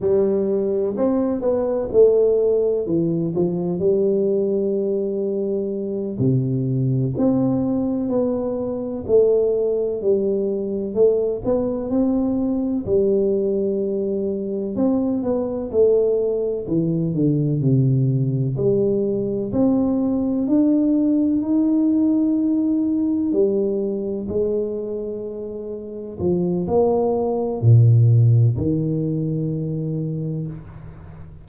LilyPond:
\new Staff \with { instrumentName = "tuba" } { \time 4/4 \tempo 4 = 63 g4 c'8 b8 a4 e8 f8 | g2~ g8 c4 c'8~ | c'8 b4 a4 g4 a8 | b8 c'4 g2 c'8 |
b8 a4 e8 d8 c4 g8~ | g8 c'4 d'4 dis'4.~ | dis'8 g4 gis2 f8 | ais4 ais,4 dis2 | }